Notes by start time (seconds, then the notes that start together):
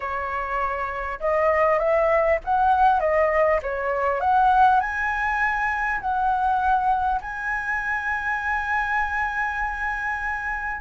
0.00 C#5
1.20 D#5
1.78 E5
2.44 F#5
2.99 D#5
3.62 C#5
4.20 F#5
4.80 G#5
6.01 F#5
7.21 G#5